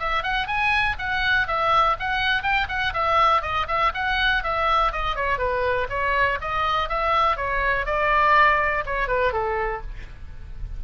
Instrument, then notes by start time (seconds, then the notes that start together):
oboe
0.00 E5
0.23 F#5
0.47 G#5
0.99 F#5
1.48 E5
2.00 F#5
2.43 G5
2.69 F#5
2.94 E5
3.42 D#5
3.68 E5
3.95 F#5
4.44 E5
4.93 D#5
5.16 C#5
5.39 B4
5.90 C#5
6.41 D#5
6.89 E5
7.37 C#5
7.86 D5
8.86 C#5
9.08 B4
9.33 A4